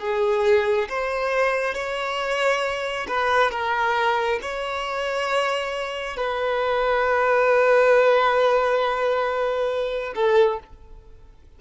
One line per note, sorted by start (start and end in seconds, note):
0.00 0.88 G#4
0.89 1.74 C5
1.74 3.06 C#5
3.08 3.51 B4
3.51 4.39 A#4
4.42 6.16 C#5
6.16 10.14 B4
10.15 10.59 A4